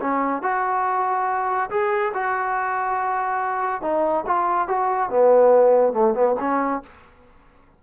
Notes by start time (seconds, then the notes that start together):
0.00 C#4
0.42 F#4
1.70 G#4
2.13 F#4
3.81 D#4
4.26 F4
4.68 F#4
5.09 B3
5.92 A3
6.14 B3
6.39 C#4